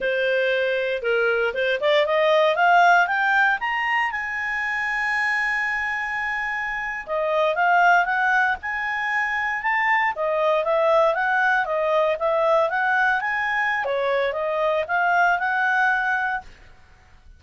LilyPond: \new Staff \with { instrumentName = "clarinet" } { \time 4/4 \tempo 4 = 117 c''2 ais'4 c''8 d''8 | dis''4 f''4 g''4 ais''4 | gis''1~ | gis''4.~ gis''16 dis''4 f''4 fis''16~ |
fis''8. gis''2 a''4 dis''16~ | dis''8. e''4 fis''4 dis''4 e''16~ | e''8. fis''4 gis''4~ gis''16 cis''4 | dis''4 f''4 fis''2 | }